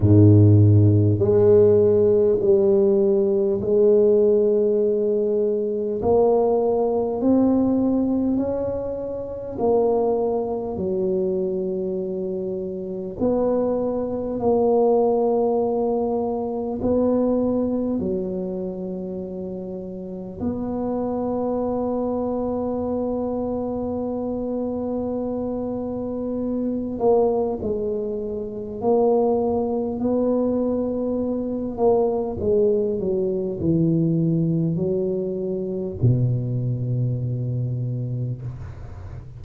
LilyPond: \new Staff \with { instrumentName = "tuba" } { \time 4/4 \tempo 4 = 50 gis,4 gis4 g4 gis4~ | gis4 ais4 c'4 cis'4 | ais4 fis2 b4 | ais2 b4 fis4~ |
fis4 b2.~ | b2~ b8 ais8 gis4 | ais4 b4. ais8 gis8 fis8 | e4 fis4 b,2 | }